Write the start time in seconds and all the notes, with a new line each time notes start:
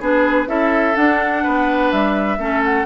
0.00 B3 D4 G#4 B4
0.46 C#4 E4 A4 E5
0.95 D4 F#5
1.43 B3 B4
1.91 G3 E5
2.37 A3 C#4 A4
2.64 F#5